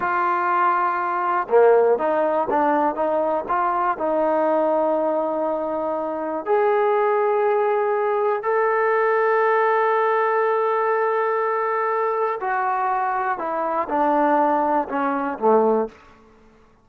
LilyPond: \new Staff \with { instrumentName = "trombone" } { \time 4/4 \tempo 4 = 121 f'2. ais4 | dis'4 d'4 dis'4 f'4 | dis'1~ | dis'4 gis'2.~ |
gis'4 a'2.~ | a'1~ | a'4 fis'2 e'4 | d'2 cis'4 a4 | }